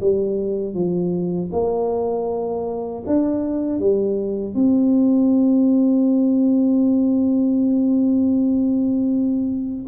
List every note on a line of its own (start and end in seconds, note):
0.00 0.74 G3
0.74 1.50 F3
1.52 3.03 A#3
3.06 3.79 D4
3.79 4.54 G3
4.54 9.86 C4